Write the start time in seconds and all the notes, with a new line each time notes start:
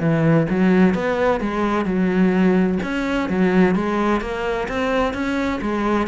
0.00 E3
0.49 F#3
0.94 B3
1.40 G#3
1.85 F#3
2.83 C#4
3.29 F#3
3.75 G#3
4.21 A#3
4.68 C4
5.13 C#4
5.62 G#3